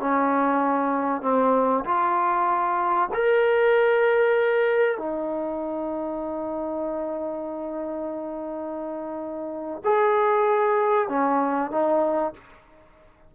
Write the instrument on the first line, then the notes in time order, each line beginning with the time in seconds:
trombone
0.00 C#4
1.22 C4
1.85 F4
3.14 A#4
4.98 D#4
9.85 G#4
11.09 C#4
11.71 D#4